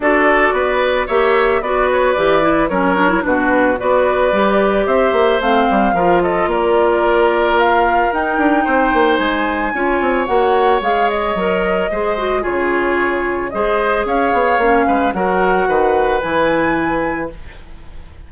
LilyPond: <<
  \new Staff \with { instrumentName = "flute" } { \time 4/4 \tempo 4 = 111 d''2 e''4 d''8 cis''8 | d''4 cis''4 b'4 d''4~ | d''4 e''4 f''4. dis''8 | d''2 f''4 g''4~ |
g''4 gis''2 fis''4 | f''8 dis''2~ dis''8 cis''4~ | cis''4 dis''4 f''2 | fis''2 gis''2 | }
  \new Staff \with { instrumentName = "oboe" } { \time 4/4 a'4 b'4 cis''4 b'4~ | b'4 ais'4 fis'4 b'4~ | b'4 c''2 ais'8 a'8 | ais'1 |
c''2 cis''2~ | cis''2 c''4 gis'4~ | gis'4 c''4 cis''4. b'8 | ais'4 b'2. | }
  \new Staff \with { instrumentName = "clarinet" } { \time 4/4 fis'2 g'4 fis'4 | g'8 e'8 cis'8 d'16 e'16 d'4 fis'4 | g'2 c'4 f'4~ | f'2. dis'4~ |
dis'2 f'4 fis'4 | gis'4 ais'4 gis'8 fis'8 f'4~ | f'4 gis'2 cis'4 | fis'2 e'2 | }
  \new Staff \with { instrumentName = "bassoon" } { \time 4/4 d'4 b4 ais4 b4 | e4 fis4 b,4 b4 | g4 c'8 ais8 a8 g8 f4 | ais2. dis'8 d'8 |
c'8 ais8 gis4 cis'8 c'8 ais4 | gis4 fis4 gis4 cis4~ | cis4 gis4 cis'8 b8 ais8 gis8 | fis4 dis4 e2 | }
>>